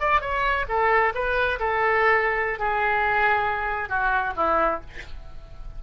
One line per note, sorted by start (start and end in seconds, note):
0.00 0.21 D5
0.21 0.65 C#5
0.69 1.13 A4
1.15 1.59 B4
1.59 2.59 A4
2.59 3.89 G#4
3.89 4.34 F#4
4.36 4.81 E4